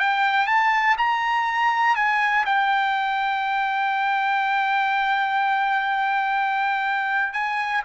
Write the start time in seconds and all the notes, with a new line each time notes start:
0.00 G5
0.47 A5
0.98 A#5
1.96 G#5
2.46 G5
7.34 G#5